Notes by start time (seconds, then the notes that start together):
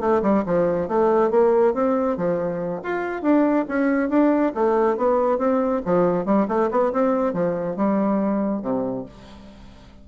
0.00 A3
0.22 G3
0.46 F3
0.88 A3
1.31 A#3
1.74 C4
2.17 F3
2.83 F4
3.22 D4
3.68 C#4
4.09 D4
4.55 A3
4.97 B3
5.38 C4
5.85 F3
6.25 G3
6.48 A3
6.71 B3
6.93 C4
7.33 F3
7.76 G3
8.62 C3